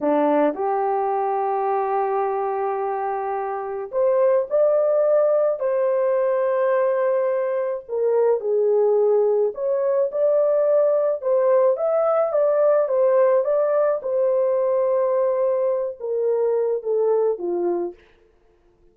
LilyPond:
\new Staff \with { instrumentName = "horn" } { \time 4/4 \tempo 4 = 107 d'4 g'2.~ | g'2. c''4 | d''2 c''2~ | c''2 ais'4 gis'4~ |
gis'4 cis''4 d''2 | c''4 e''4 d''4 c''4 | d''4 c''2.~ | c''8 ais'4. a'4 f'4 | }